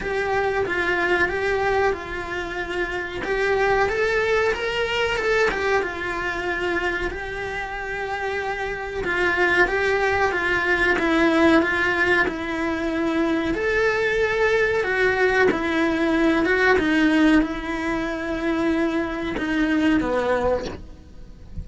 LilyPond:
\new Staff \with { instrumentName = "cello" } { \time 4/4 \tempo 4 = 93 g'4 f'4 g'4 f'4~ | f'4 g'4 a'4 ais'4 | a'8 g'8 f'2 g'4~ | g'2 f'4 g'4 |
f'4 e'4 f'4 e'4~ | e'4 a'2 fis'4 | e'4. fis'8 dis'4 e'4~ | e'2 dis'4 b4 | }